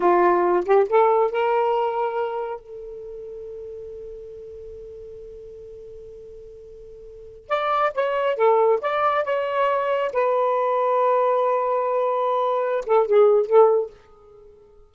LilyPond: \new Staff \with { instrumentName = "saxophone" } { \time 4/4 \tempo 4 = 138 f'4. g'8 a'4 ais'4~ | ais'2 a'2~ | a'1~ | a'1~ |
a'4~ a'16 d''4 cis''4 a'8.~ | a'16 d''4 cis''2 b'8.~ | b'1~ | b'4. a'8 gis'4 a'4 | }